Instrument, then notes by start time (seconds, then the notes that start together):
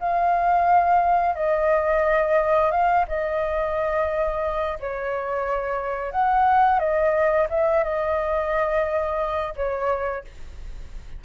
flute
0.00 F5
1.35 D#5
2.71 F5
3.08 D#5
4.80 C#5
6.12 F#5
6.79 D#5
7.50 E5
7.84 D#5
9.56 C#5